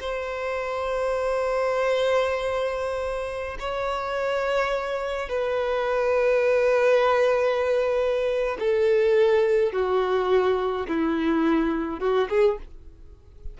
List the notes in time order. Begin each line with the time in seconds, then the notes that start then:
0.00 C5
3.59 C#5
5.29 B4
8.59 A4
9.72 F#4
10.87 E4
11.99 F#4
12.29 G#4